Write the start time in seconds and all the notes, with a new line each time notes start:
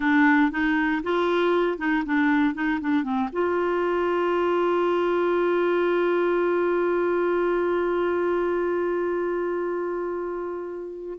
0.00 D4
0.51 D#4
1.03 F4
1.78 D#4
2.05 D4
2.54 D#4
2.81 D4
3.03 C4
3.32 F4